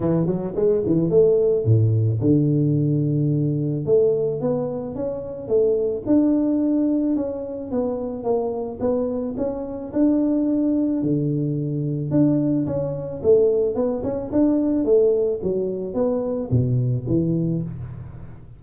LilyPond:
\new Staff \with { instrumentName = "tuba" } { \time 4/4 \tempo 4 = 109 e8 fis8 gis8 e8 a4 a,4 | d2. a4 | b4 cis'4 a4 d'4~ | d'4 cis'4 b4 ais4 |
b4 cis'4 d'2 | d2 d'4 cis'4 | a4 b8 cis'8 d'4 a4 | fis4 b4 b,4 e4 | }